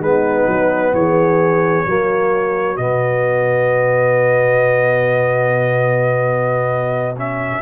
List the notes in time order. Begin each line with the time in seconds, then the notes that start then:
0.00 G#3 B3 D#4 B4
0.47 F#3
0.93 E3 G#4 C#5
1.86 F#3 A#3 F#4
2.77 B2 B3 D#5
7.17 C#4 E5